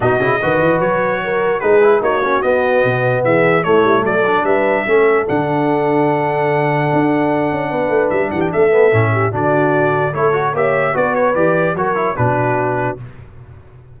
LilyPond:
<<
  \new Staff \with { instrumentName = "trumpet" } { \time 4/4 \tempo 4 = 148 dis''2 cis''2 | b'4 cis''4 dis''2 | e''4 cis''4 d''4 e''4~ | e''4 fis''2.~ |
fis''1 | e''8 fis''16 g''16 e''2 d''4~ | d''4 cis''4 e''4 d''8 cis''8 | d''4 cis''4 b'2 | }
  \new Staff \with { instrumentName = "horn" } { \time 4/4 fis'4 b'2 ais'4 | gis'4 fis'2. | gis'4 e'4 a'4 b'4 | a'1~ |
a'2. b'4~ | b'8 g'8 a'4. g'8 fis'4~ | fis'4 a'4 cis''4 b'4~ | b'4 ais'4 fis'2 | }
  \new Staff \with { instrumentName = "trombone" } { \time 4/4 dis'8 e'8 fis'2. | dis'8 e'8 dis'8 cis'8 b2~ | b4 a4. d'4. | cis'4 d'2.~ |
d'1~ | d'4. b8 cis'4 d'4~ | d'4 e'8 fis'8 g'4 fis'4 | g'4 fis'8 e'8 d'2 | }
  \new Staff \with { instrumentName = "tuba" } { \time 4/4 b,8 cis8 dis8 e8 fis2 | gis4 ais4 b4 b,4 | e4 a8 g8 fis4 g4 | a4 d2.~ |
d4 d'4. cis'8 b8 a8 | g8 e8 a4 a,4 d4~ | d4 a4 ais4 b4 | e4 fis4 b,2 | }
>>